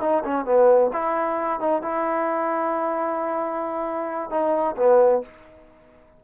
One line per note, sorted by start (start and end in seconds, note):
0.00 0.23 D#4
0.24 0.45 C#4
0.45 0.90 B3
0.92 1.60 E4
1.60 1.82 D#4
1.82 4.30 E4
4.30 4.75 D#4
4.76 5.21 B3